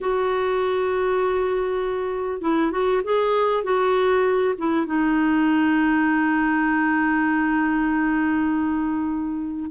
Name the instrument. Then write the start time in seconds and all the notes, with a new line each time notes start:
clarinet
0.00 F#4
2.41 E4
2.71 F#4
3.03 G#4
3.63 F#4
4.58 E4
4.86 D#4